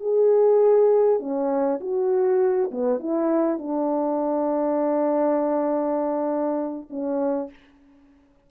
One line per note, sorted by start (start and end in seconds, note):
0.00 1.20 G#4
1.20 1.80 C#4
1.81 2.71 F#4
2.71 3.00 B3
3.00 3.59 E4
3.59 6.89 D4
6.90 7.50 C#4